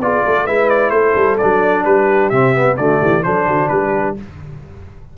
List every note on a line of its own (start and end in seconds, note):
0.00 0.23 B3
0.00 0.48 F4
0.00 0.25 G#4
0.00 0.47 D5
0.25 0.47 A3
0.25 0.46 A4
0.46 0.91 G#3
0.46 1.40 E4
0.46 0.91 B4
0.46 0.69 E5
0.69 0.90 D5
0.90 1.15 A3
0.90 1.83 A4
0.90 1.36 C5
1.16 1.39 G3
1.38 1.85 F#3
1.38 2.32 D4
1.38 1.84 D5
1.85 2.31 G3
1.85 2.77 G4
1.85 2.30 B4
2.30 2.78 C3
2.30 2.55 C4
2.30 2.76 E5
2.55 2.78 B3
2.77 3.01 D3
2.77 3.25 A3
2.77 3.00 F#4
2.77 3.23 D5
3.00 3.26 E3
3.00 3.23 G4
3.23 3.47 F#3
3.23 4.17 D4
3.23 3.47 A4
3.23 3.68 C5
3.47 3.70 D3
3.47 3.70 F#4
3.68 4.17 G3
3.68 4.16 G4
3.68 4.14 B4